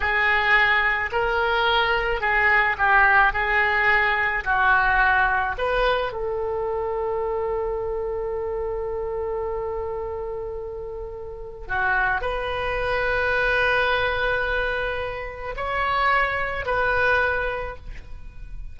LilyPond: \new Staff \with { instrumentName = "oboe" } { \time 4/4 \tempo 4 = 108 gis'2 ais'2 | gis'4 g'4 gis'2 | fis'2 b'4 a'4~ | a'1~ |
a'1~ | a'4 fis'4 b'2~ | b'1 | cis''2 b'2 | }